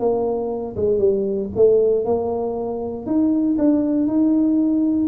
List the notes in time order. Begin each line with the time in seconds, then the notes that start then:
0.00 A#3
0.77 G#3
0.99 G3
1.56 A3
2.05 A#3
3.06 D#4
3.58 D4
4.07 D#4